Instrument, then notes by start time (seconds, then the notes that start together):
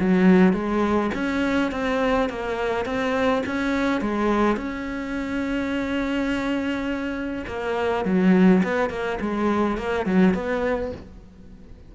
cello
0.00 F#3
0.53 G#3
1.14 C#4
1.72 C4
2.30 A#3
2.86 C4
3.46 C#4
4.01 G#3
4.57 C#4
7.47 A#3
8.05 F#3
8.64 B3
8.90 A#3
9.21 G#3
9.78 A#3
10.06 F#3
10.35 B3